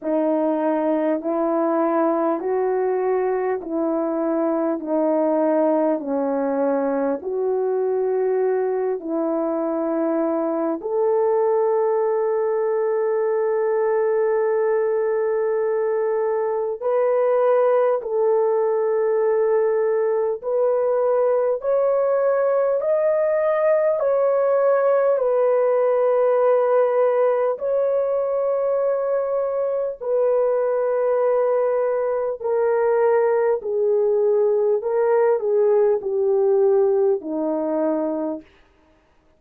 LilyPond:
\new Staff \with { instrumentName = "horn" } { \time 4/4 \tempo 4 = 50 dis'4 e'4 fis'4 e'4 | dis'4 cis'4 fis'4. e'8~ | e'4 a'2.~ | a'2 b'4 a'4~ |
a'4 b'4 cis''4 dis''4 | cis''4 b'2 cis''4~ | cis''4 b'2 ais'4 | gis'4 ais'8 gis'8 g'4 dis'4 | }